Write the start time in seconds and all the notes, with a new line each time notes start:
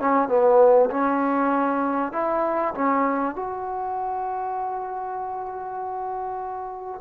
0.00 C#4
0.28 B3
0.90 C#4
2.13 E4
2.74 C#4
3.35 F#4